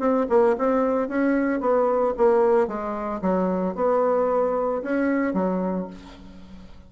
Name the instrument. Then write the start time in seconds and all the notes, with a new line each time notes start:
bassoon
0.00 C4
0.30 A#3
0.58 C4
1.09 C#4
1.61 B3
2.17 A#3
2.68 G#3
3.22 F#3
3.75 B3
4.83 C#4
5.34 F#3